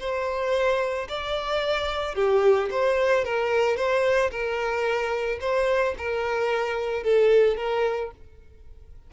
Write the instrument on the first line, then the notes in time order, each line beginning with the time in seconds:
violin
0.00 C5
1.09 D5
2.15 G4
2.71 C5
3.25 A#4
3.77 C5
4.31 A#4
5.41 C5
5.98 A#4
7.03 A4
7.57 A#4